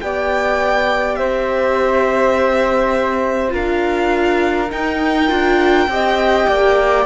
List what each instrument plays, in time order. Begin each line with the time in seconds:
0.00 cello B3, viola G4, flute D5, violin G5
1.15 cello C4, flute C5, violin E5
3.48 cello D4, viola F4, flute A#4
3.54 violin F5
4.70 viola D#4, cello D#4, violin G5
5.28 cello D4, viola F4
5.87 cello C4, viola G4, flute D#5
6.48 cello A#3, flute D5